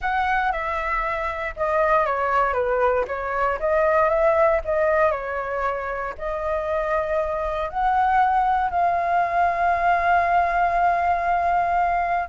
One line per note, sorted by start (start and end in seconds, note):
0.01 0.52 F#5
0.52 1.54 E5
1.56 2.06 D#5
2.06 2.53 C#5
2.53 3.04 B4
3.07 3.59 C#5
3.59 4.09 D#5
4.09 4.60 E5
4.64 5.11 D#5
5.11 6.14 C#5
6.17 7.69 D#5
7.69 8.70 F#5
8.70 12.29 F5